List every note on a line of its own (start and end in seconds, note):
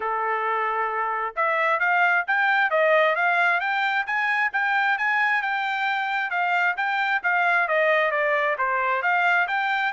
0.00 1.34 A4
1.36 1.79 E5
1.79 2.24 F5
2.27 2.70 G5
2.70 3.15 D#5
3.15 3.60 F5
3.60 4.05 G5
4.06 4.51 G#5
4.52 4.97 G5
4.97 5.42 G#5
5.42 6.30 G5
6.30 6.75 F5
6.76 7.21 G5
7.23 7.68 F5
7.68 8.11 D#5
8.11 8.56 D5
8.58 9.02 C5
9.02 9.47 F5
9.47 9.92 G5